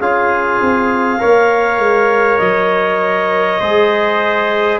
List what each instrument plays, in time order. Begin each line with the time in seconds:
0.00 tuba C#4, trombone F4, trumpet G#4, clarinet F5
0.61 tuba C4
1.19 tuba A#3, trombone A#4, trumpet C#5
1.78 tuba G#3
2.39 tuba F#3, clarinet D#5
3.60 tuba G#3, trombone G#4, trumpet C5